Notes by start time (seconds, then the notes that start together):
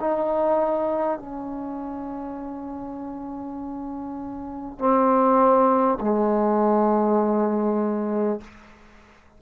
0.00 D#4
1.19 C#4
4.79 C4
6.01 G#3